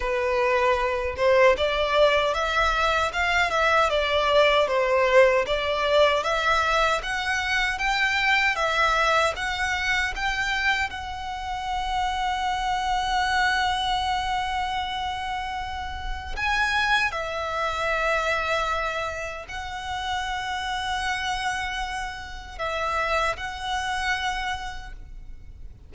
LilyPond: \new Staff \with { instrumentName = "violin" } { \time 4/4 \tempo 4 = 77 b'4. c''8 d''4 e''4 | f''8 e''8 d''4 c''4 d''4 | e''4 fis''4 g''4 e''4 | fis''4 g''4 fis''2~ |
fis''1~ | fis''4 gis''4 e''2~ | e''4 fis''2.~ | fis''4 e''4 fis''2 | }